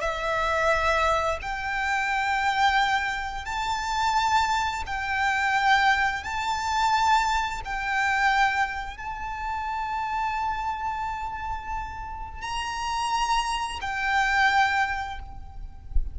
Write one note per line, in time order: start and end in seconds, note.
0.00 1.38 E5
1.41 3.45 G5
3.45 4.83 A5
4.86 6.23 G5
6.23 7.61 A5
7.65 8.97 G5
8.97 12.41 A5
12.41 13.79 A#5
13.81 15.19 G5